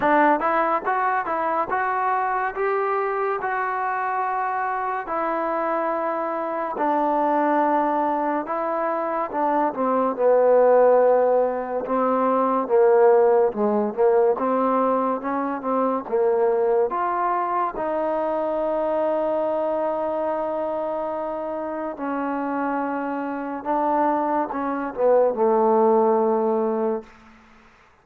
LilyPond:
\new Staff \with { instrumentName = "trombone" } { \time 4/4 \tempo 4 = 71 d'8 e'8 fis'8 e'8 fis'4 g'4 | fis'2 e'2 | d'2 e'4 d'8 c'8 | b2 c'4 ais4 |
gis8 ais8 c'4 cis'8 c'8 ais4 | f'4 dis'2.~ | dis'2 cis'2 | d'4 cis'8 b8 a2 | }